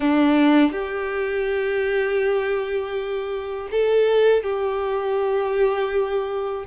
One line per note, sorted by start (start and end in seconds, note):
0.00 0.72 D4
0.72 3.68 G4
3.71 4.43 A4
4.43 6.65 G4